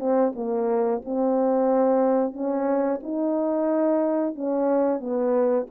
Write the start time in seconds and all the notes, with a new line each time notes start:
0.00 C4
0.35 A#3
1.05 C4
2.34 C#4
3.03 D#4
4.36 C#4
5.00 B3